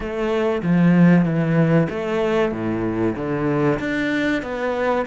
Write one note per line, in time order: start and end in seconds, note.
0.00 0.62 A3
0.62 1.25 F3
1.25 1.88 E3
1.89 2.51 A3
2.51 3.15 A2
3.16 3.79 D3
3.79 4.42 D4
4.42 5.05 B3